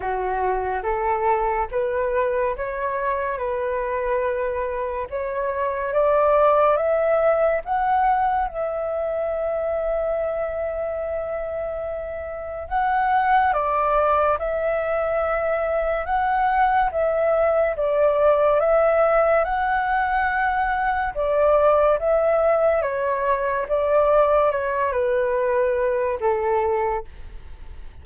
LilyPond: \new Staff \with { instrumentName = "flute" } { \time 4/4 \tempo 4 = 71 fis'4 a'4 b'4 cis''4 | b'2 cis''4 d''4 | e''4 fis''4 e''2~ | e''2. fis''4 |
d''4 e''2 fis''4 | e''4 d''4 e''4 fis''4~ | fis''4 d''4 e''4 cis''4 | d''4 cis''8 b'4. a'4 | }